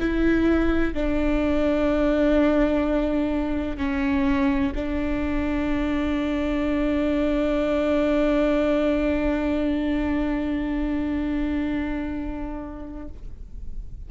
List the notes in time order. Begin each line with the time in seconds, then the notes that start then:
0.00 E4
0.94 D4
3.78 C#4
4.75 D4